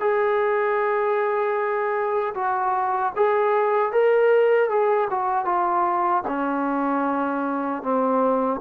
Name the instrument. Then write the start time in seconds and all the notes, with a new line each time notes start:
trombone
0.00 G#4
2.34 F#4
3.16 G#4
3.92 A#4
4.69 G#4
5.10 F#4
5.45 F4
6.27 C#4
7.82 C4